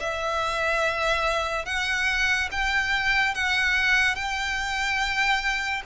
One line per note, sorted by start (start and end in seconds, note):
0.00 1.66 E5
1.66 2.49 F#5
2.52 3.35 G5
3.35 4.16 F#5
4.16 5.82 G5